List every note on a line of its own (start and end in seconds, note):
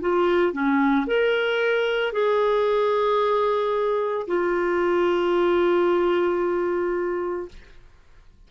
0.00 0.52 F4
0.52 1.06 C#4
1.06 2.12 A#4
2.12 4.27 G#4
4.27 7.48 F4